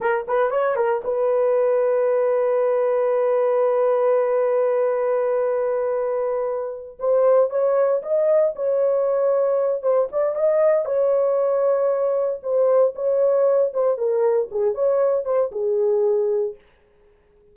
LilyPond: \new Staff \with { instrumentName = "horn" } { \time 4/4 \tempo 4 = 116 ais'8 b'8 cis''8 ais'8 b'2~ | b'1~ | b'1~ | b'4. c''4 cis''4 dis''8~ |
dis''8 cis''2~ cis''8 c''8 d''8 | dis''4 cis''2. | c''4 cis''4. c''8 ais'4 | gis'8 cis''4 c''8 gis'2 | }